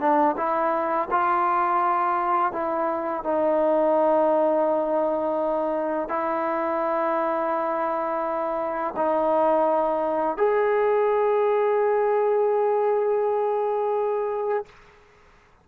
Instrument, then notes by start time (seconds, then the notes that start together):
trombone
0.00 D4
0.37 E4
1.11 F4
2.52 E4
3.24 D#4
6.09 E4
8.96 D#4
10.37 G#4